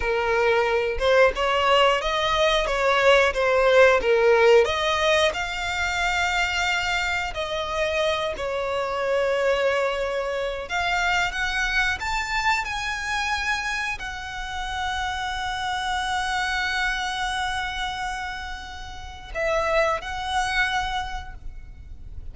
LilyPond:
\new Staff \with { instrumentName = "violin" } { \time 4/4 \tempo 4 = 90 ais'4. c''8 cis''4 dis''4 | cis''4 c''4 ais'4 dis''4 | f''2. dis''4~ | dis''8 cis''2.~ cis''8 |
f''4 fis''4 a''4 gis''4~ | gis''4 fis''2.~ | fis''1~ | fis''4 e''4 fis''2 | }